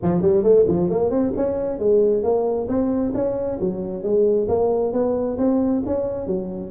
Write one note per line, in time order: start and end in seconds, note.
0.02 0.21 F3
0.21 0.43 G3
0.43 0.65 A3
0.67 0.90 F3
0.90 1.10 A#3
1.10 1.32 C4
1.36 1.78 C#4
1.78 2.23 G#3
2.23 2.68 A#3
2.68 3.13 C4
3.14 3.59 C#4
3.60 4.03 F#3
4.03 4.48 G#3
4.48 4.93 A#3
4.93 5.37 B3
5.38 5.82 C4
5.86 6.26 C#4
6.26 6.70 F#3